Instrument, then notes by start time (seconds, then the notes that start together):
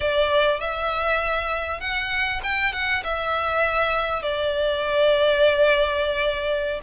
violin
0.00 D5
0.60 E5
1.80 F#5
2.43 G5
2.72 F#5
3.03 E5
4.22 D5